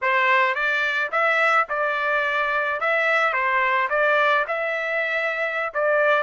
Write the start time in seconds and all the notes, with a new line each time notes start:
0.02 C5
0.54 D5
1.11 E5
1.69 D5
2.80 E5
3.33 C5
3.89 D5
4.47 E5
5.74 D5